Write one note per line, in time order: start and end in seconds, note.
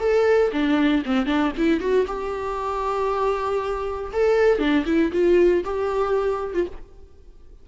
0.00 0.51 A4
0.52 1.03 D4
1.05 1.26 C4
1.26 1.52 D4
1.57 1.80 E4
1.80 2.06 F#4
2.07 4.12 G4
4.13 4.59 A4
4.59 4.85 D4
4.86 5.11 E4
5.12 5.64 F4
5.64 6.54 G4
6.54 6.67 F4